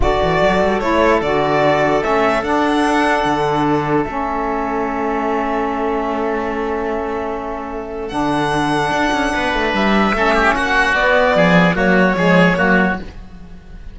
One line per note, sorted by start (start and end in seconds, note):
0.00 0.19 D3
0.00 0.81 F#4
0.00 9.34 A4
0.00 0.79 D5
0.22 0.41 E3
0.41 0.62 F#3
0.62 0.81 G3
0.79 1.21 A3
0.79 1.21 E4
0.79 1.20 C#5
1.21 2.02 D3
1.21 2.01 F#4
1.21 2.03 D5
2.01 2.42 A3
2.01 2.42 C#4
2.01 2.43 E5
2.42 3.24 D4
2.42 4.06 D4
2.42 4.03 F#5
3.24 4.05 D3
4.03 8.12 A3
4.03 8.10 C#4
4.03 8.08 E5
8.08 8.91 D3
8.08 10.12 D4
8.08 9.70 F#5
8.91 9.11 D4
9.12 9.32 C#4
9.34 9.53 B3
9.34 10.15 B4
9.53 9.73 A3
9.73 10.12 G3
9.73 10.55 E5
10.12 10.53 A3
10.12 10.94 C#4
10.12 10.34 A4
10.34 10.54 G4
10.55 10.93 A#3
10.55 11.36 F#4
10.55 10.94 F#5
10.93 11.34 B3
10.93 11.73 B3
10.93 11.75 D5
11.34 11.74 F3
11.34 11.75 G#4
11.73 12.14 F#3
11.73 12.13 A#3
11.73 12.15 F#4
11.73 12.99 C#5
12.16 12.58 F3
12.16 12.55 G#3
12.16 12.57 G#4
12.55 12.99 F#3
12.55 12.95 A#3
12.55 12.98 F#4